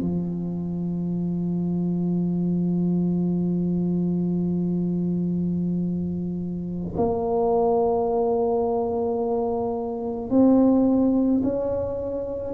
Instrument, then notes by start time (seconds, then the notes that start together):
tuba
0.00 F3
6.97 A#3
10.30 C4
11.43 C#4